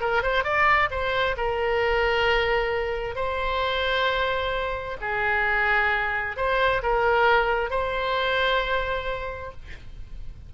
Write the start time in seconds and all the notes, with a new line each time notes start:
0.00 A#4
0.23 C5
0.44 D5
0.90 C5
1.37 A#4
3.15 C5
5.01 G#4
6.37 C5
6.83 A#4
7.70 C5